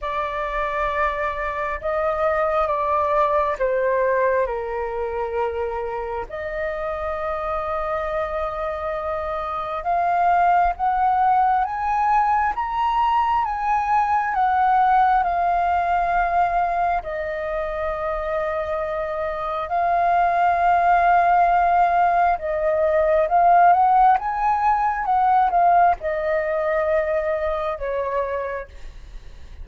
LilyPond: \new Staff \with { instrumentName = "flute" } { \time 4/4 \tempo 4 = 67 d''2 dis''4 d''4 | c''4 ais'2 dis''4~ | dis''2. f''4 | fis''4 gis''4 ais''4 gis''4 |
fis''4 f''2 dis''4~ | dis''2 f''2~ | f''4 dis''4 f''8 fis''8 gis''4 | fis''8 f''8 dis''2 cis''4 | }